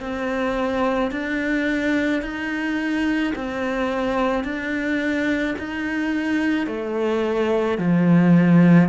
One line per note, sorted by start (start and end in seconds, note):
0.00 1.11 C4
1.11 2.22 D4
2.22 3.33 D#4
3.35 4.44 C4
4.44 5.55 D4
5.59 6.67 D#4
6.67 7.78 A3
7.78 8.89 F3